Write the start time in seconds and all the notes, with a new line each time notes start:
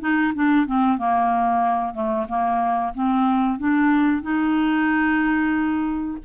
0.00 D#4
0.34 D4
0.66 C4
0.98 A#3
1.94 A3
2.28 A#3
2.94 C4
3.58 D4
4.22 D#4